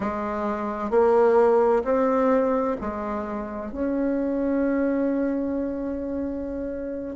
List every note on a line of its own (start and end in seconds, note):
0.00 0.90 G#3
0.90 1.82 A#3
1.84 2.76 C4
2.81 3.72 G#3
3.72 7.15 C#4